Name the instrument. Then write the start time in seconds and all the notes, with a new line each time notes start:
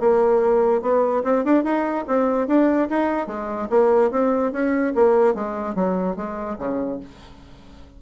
bassoon
0.00 A#3
0.82 B3
1.24 C4
1.45 D4
1.64 D#4
2.08 C4
2.48 D4
2.90 D#4
3.27 G#3
3.70 A#3
4.11 C4
4.53 C#4
4.95 A#3
5.35 G#3
5.76 F#3
6.17 G#3
6.59 C#3